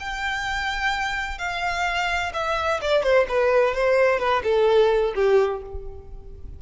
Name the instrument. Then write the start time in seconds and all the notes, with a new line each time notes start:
violin
0.00 G5
1.38 F5
2.34 E5
2.82 D5
3.03 C5
3.29 B4
3.75 C5
4.20 B4
4.44 A4
5.15 G4